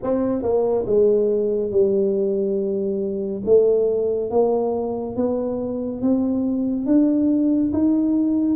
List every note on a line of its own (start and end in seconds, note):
0.02 0.42 C4
0.42 0.85 A#3
0.86 1.71 G#3
1.71 3.42 G3
3.45 4.30 A3
4.30 5.15 A#3
5.16 6.01 B3
6.01 6.86 C4
6.86 7.71 D4
7.72 8.56 D#4